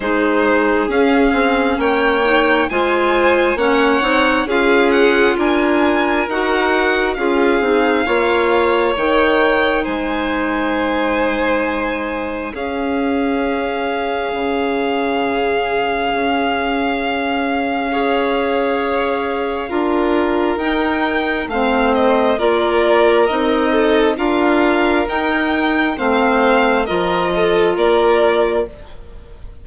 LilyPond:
<<
  \new Staff \with { instrumentName = "violin" } { \time 4/4 \tempo 4 = 67 c''4 f''4 g''4 gis''4 | fis''4 f''8 fis''8 gis''4 fis''4 | f''2 g''4 gis''4~ | gis''2 f''2~ |
f''1~ | f''2. g''4 | f''8 dis''8 d''4 dis''4 f''4 | g''4 f''4 dis''4 d''4 | }
  \new Staff \with { instrumentName = "violin" } { \time 4/4 gis'2 cis''4 c''4 | cis''4 gis'4 ais'2 | gis'4 cis''2 c''4~ | c''2 gis'2~ |
gis'1 | cis''2 ais'2 | c''4 ais'4. a'8 ais'4~ | ais'4 c''4 ais'8 a'8 ais'4 | }
  \new Staff \with { instrumentName = "clarinet" } { \time 4/4 dis'4 cis'4. dis'8 f'4 | cis'8 dis'8 f'2 fis'4 | f'8 dis'8 f'4 dis'2~ | dis'2 cis'2~ |
cis'1 | gis'2 f'4 dis'4 | c'4 f'4 dis'4 f'4 | dis'4 c'4 f'2 | }
  \new Staff \with { instrumentName = "bassoon" } { \time 4/4 gis4 cis'8 c'8 ais4 gis4 | ais8 c'8 cis'4 d'4 dis'4 | cis'8 c'8 ais4 dis4 gis4~ | gis2 cis'2 |
cis2 cis'2~ | cis'2 d'4 dis'4 | a4 ais4 c'4 d'4 | dis'4 a4 f4 ais4 | }
>>